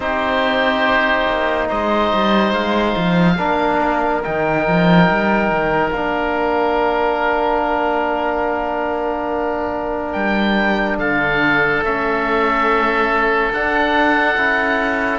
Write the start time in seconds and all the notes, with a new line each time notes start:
0.00 C4 D#4 G4 C5
1.27 A#3
1.68 G#3 C5 D#5
2.13 G3
2.52 G#3 F5
2.96 F3
3.38 A#3 D4 A#4
4.23 D#3 D#4 G5
4.67 F3
5.10 G3
5.50 D#3
5.91 A#3 D4 F5
10.11 G3 G5
10.98 D3 A4 F5
11.81 A3 C#4 E5
13.51 D4 F#5
14.36 C#4 E4